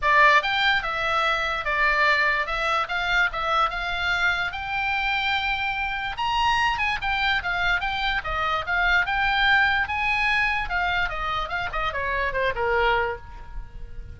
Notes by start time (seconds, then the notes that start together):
0.01 D5
0.42 G5
0.82 E5
1.64 D5
2.46 E5
2.88 F5
3.32 E5
3.69 F5
4.51 G5
6.17 A#5
6.78 G#5
7.01 G5
7.42 F5
7.80 G5
8.24 D#5
8.66 F5
9.06 G5
9.88 G#5
10.69 F5
11.09 D#5
11.48 F5
11.72 D#5
11.92 C#5
12.32 C5
12.55 A#4